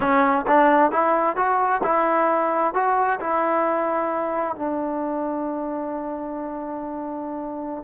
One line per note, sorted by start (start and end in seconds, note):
0.00 0.45 C#4
0.47 0.91 D4
0.91 1.36 E4
1.36 1.81 F#4
1.83 2.74 E4
2.74 3.19 F#4
3.20 4.56 E4
4.56 7.83 D4